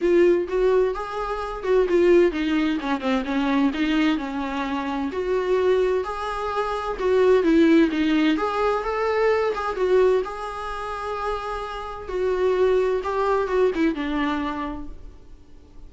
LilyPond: \new Staff \with { instrumentName = "viola" } { \time 4/4 \tempo 4 = 129 f'4 fis'4 gis'4. fis'8 | f'4 dis'4 cis'8 c'8 cis'4 | dis'4 cis'2 fis'4~ | fis'4 gis'2 fis'4 |
e'4 dis'4 gis'4 a'4~ | a'8 gis'8 fis'4 gis'2~ | gis'2 fis'2 | g'4 fis'8 e'8 d'2 | }